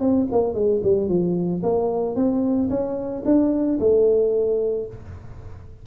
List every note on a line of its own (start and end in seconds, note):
0.00 0.27 C4
0.32 0.54 A#3
0.54 0.81 G#3
0.83 1.08 G3
1.08 1.62 F3
1.63 2.16 A#3
2.16 2.69 C4
2.70 3.23 C#4
3.25 3.79 D4
3.79 4.87 A3